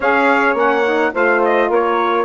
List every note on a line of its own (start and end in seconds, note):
0.00 0.54 C#4
0.00 0.55 G#4
0.00 1.12 C#5
0.00 0.57 F5
0.54 1.10 A#3
0.54 0.84 C#4
0.54 1.14 F#5
0.85 1.11 D#4
1.11 1.69 A3
1.11 2.24 F4
1.11 1.68 C5
1.11 1.43 F5
1.44 1.72 D#5
1.68 2.24 A#3
1.68 2.24 A#4
1.68 2.24 C#5